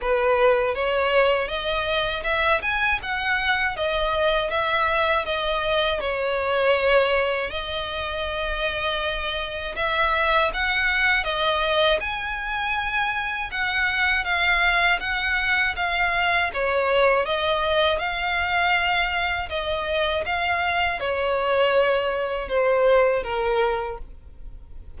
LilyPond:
\new Staff \with { instrumentName = "violin" } { \time 4/4 \tempo 4 = 80 b'4 cis''4 dis''4 e''8 gis''8 | fis''4 dis''4 e''4 dis''4 | cis''2 dis''2~ | dis''4 e''4 fis''4 dis''4 |
gis''2 fis''4 f''4 | fis''4 f''4 cis''4 dis''4 | f''2 dis''4 f''4 | cis''2 c''4 ais'4 | }